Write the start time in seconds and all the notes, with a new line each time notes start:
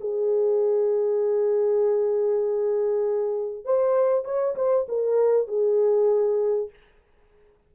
0.00 G#4
3.64 C5
4.24 C#5
4.55 C5
4.88 A#4
5.47 G#4